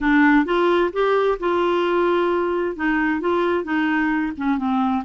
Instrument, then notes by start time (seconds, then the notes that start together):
clarinet
0.01 D4
0.45 F4
0.92 G4
1.39 F4
2.75 D#4
3.20 F4
3.63 D#4
4.37 C#4
4.57 C4